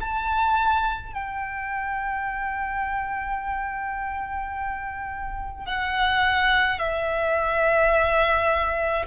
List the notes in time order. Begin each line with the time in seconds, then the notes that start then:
0.00 A5
1.13 G5
5.66 F#5
6.79 E5